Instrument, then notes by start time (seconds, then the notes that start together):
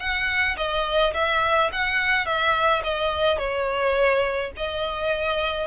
violin
0.00 F#5
0.57 D#5
1.14 E5
1.72 F#5
2.26 E5
2.84 D#5
3.38 C#5
4.57 D#5